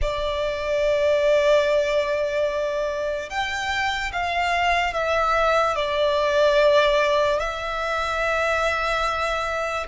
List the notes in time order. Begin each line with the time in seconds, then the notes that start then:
0.01 D5
3.29 G5
4.12 F5
4.93 E5
5.75 D5
7.39 E5